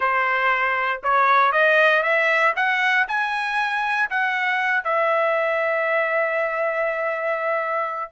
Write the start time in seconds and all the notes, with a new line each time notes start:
0.00 C5
1.03 C#5
1.52 D#5
2.02 E5
2.56 F#5
3.08 G#5
4.09 F#5
4.84 E5